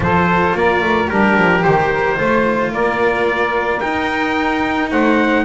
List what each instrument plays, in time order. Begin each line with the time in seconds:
0.00 double bass F3, cello F4, saxophone A4, trumpet C5
0.54 double bass A#3, saxophone A#4, trumpet D5
0.81 double bass A3
1.07 double bass G3, saxophone D4, cello G4, trumpet A#4
1.37 double bass F3
1.61 double bass D#3, saxophone G4, trumpet C5
1.92 saxophone A#4
2.15 double bass A3, cello F4, saxophone C5
2.72 double bass A#3, saxophone A#4, trumpet D5
3.80 cello D#4, double bass D#4, trumpet G5
4.90 double bass A3, saxophone C5, trumpet F#5